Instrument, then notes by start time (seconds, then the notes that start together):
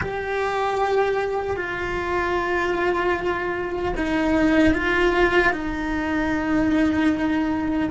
cello
0.01 G4
1.56 F4
3.97 D#4
4.73 F4
5.52 D#4